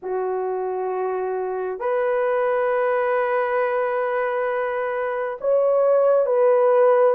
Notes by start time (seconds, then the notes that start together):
0.02 F#4
1.79 B4
5.41 C#5
6.26 B4